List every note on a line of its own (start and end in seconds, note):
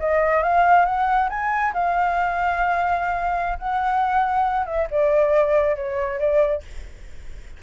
0.00 0.43 D#5
0.43 0.86 F5
0.86 1.29 F#5
1.30 1.73 G#5
1.74 3.59 F5
3.59 4.66 F#5
4.66 4.88 E5
4.91 5.76 D5
5.76 6.20 C#5
6.20 6.63 D5